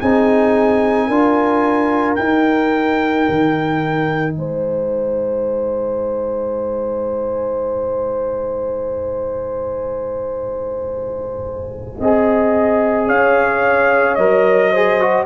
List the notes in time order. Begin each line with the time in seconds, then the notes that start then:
0.00 C4 D#4 G#4 G#5
1.07 D4 F4 A#4
2.16 D#4 G5
3.29 D#3
4.34 G#3 C5 G#5
12.00 C4 G#4 D#5
13.08 C#4 C#5 F5
14.15 F#3 A#4 D#5
14.72 G#4 C5
15.01 F#4